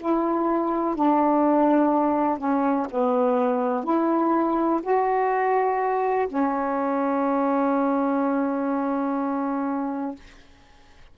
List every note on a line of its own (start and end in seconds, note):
0.00 0.95 E4
0.95 2.38 D4
2.38 2.87 C#4
2.91 3.84 B3
3.84 4.81 E4
4.83 6.28 F#4
6.29 10.16 C#4